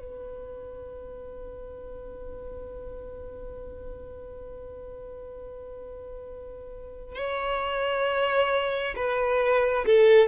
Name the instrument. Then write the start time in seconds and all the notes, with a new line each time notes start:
violin
0.00 B4
7.16 C#5
8.96 B4
9.86 A4